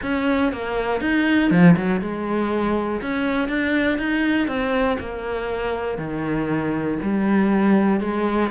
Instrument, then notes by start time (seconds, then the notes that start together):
cello
0.02 C#4
0.52 A#3
1.00 D#4
1.50 F3
1.76 F#3
2.01 G#3
3.01 C#4
3.48 D4
3.98 D#4
4.47 C4
4.99 A#3
5.97 D#3
7.02 G3
8.00 G#3